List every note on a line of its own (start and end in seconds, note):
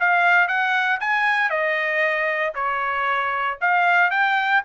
0.00 0.48 F5
0.48 1.00 F#5
1.00 1.50 G#5
1.50 2.53 D#5
2.55 3.58 C#5
3.61 4.11 F5
4.11 4.62 G5